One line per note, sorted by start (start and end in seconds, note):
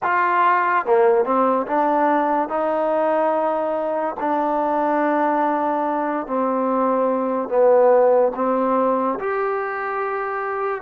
0.02 0.85 F4
0.85 1.25 A#3
1.25 1.66 C4
1.67 2.48 D4
2.48 4.15 D#4
4.19 6.26 D4
6.26 7.48 C4
7.48 8.32 B3
8.35 9.18 C4
9.19 10.81 G4